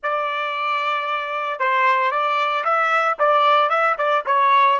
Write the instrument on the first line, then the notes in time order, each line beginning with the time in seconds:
trumpet
0.02 D5
1.59 C5
2.11 D5
2.64 E5
3.19 D5
3.69 E5
3.98 D5
4.26 C#5